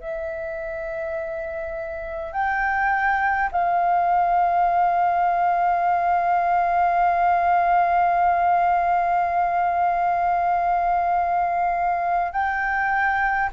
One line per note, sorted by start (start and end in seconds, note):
0.00 2.33 E5
2.33 3.50 G5
3.52 12.32 F5
12.32 13.50 G5